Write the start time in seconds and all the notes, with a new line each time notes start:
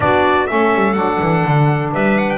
0.00 B3 D4 F#4 D5
0.46 A3 C#4 A4 E5
0.74 G3
0.93 F#3 D4 F#5
1.21 E3
1.44 D3
1.93 G3 B4 E5
2.18 F#5
2.30 G5